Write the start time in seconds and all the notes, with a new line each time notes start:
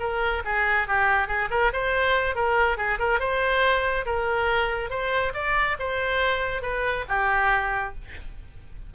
0.00 A#4
0.45 G#4
0.88 G4
1.28 G#4
1.51 A#4
1.73 C5
2.36 A#4
2.77 G#4
2.99 A#4
3.20 C5
4.06 A#4
4.90 C5
5.34 D5
5.80 C5
6.62 B4
7.09 G4